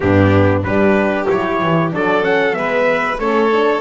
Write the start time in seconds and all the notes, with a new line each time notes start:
0.00 G2 B3 D4 G4
0.63 G3 D4 G4 B4
1.28 F#3 E4 C#5
1.62 E3
1.92 F#3 D4 A4 D5
2.21 C#4 F#5
2.53 G#3 B3 B4 E5
3.18 A3 C#4 A4 C#5
3.52 D4